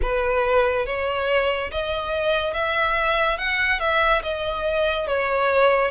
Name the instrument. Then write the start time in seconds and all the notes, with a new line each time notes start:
violin
0.02 B4
0.86 C#5
1.71 D#5
2.53 E5
3.38 F#5
3.79 E5
4.23 D#5
5.07 C#5